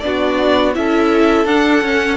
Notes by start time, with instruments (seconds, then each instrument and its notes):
0.00 cello B3, viola D4, violin D5
0.06 violin F#4
0.74 cello C#4, viola E4, violin A4 E5
1.45 cello D4, viola D4, violin F#5
1.82 cello C#4, viola C#4